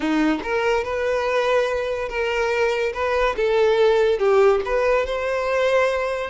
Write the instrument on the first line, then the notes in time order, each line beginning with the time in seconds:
violin
0.00 D#4
0.43 A#4
0.84 B4
2.08 A#4
2.93 B4
3.36 A4
4.18 G4
4.65 B4
5.06 C5